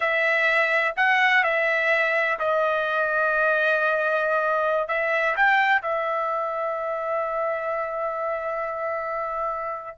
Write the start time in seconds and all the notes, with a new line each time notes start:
0.00 E5
0.96 F#5
1.43 E5
2.39 D#5
4.87 E5
5.36 G5
5.81 E5